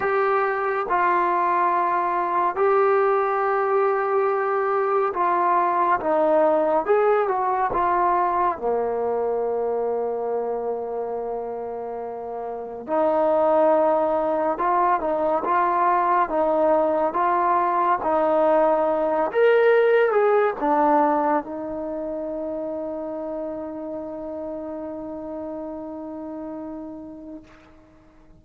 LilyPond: \new Staff \with { instrumentName = "trombone" } { \time 4/4 \tempo 4 = 70 g'4 f'2 g'4~ | g'2 f'4 dis'4 | gis'8 fis'8 f'4 ais2~ | ais2. dis'4~ |
dis'4 f'8 dis'8 f'4 dis'4 | f'4 dis'4. ais'4 gis'8 | d'4 dis'2.~ | dis'1 | }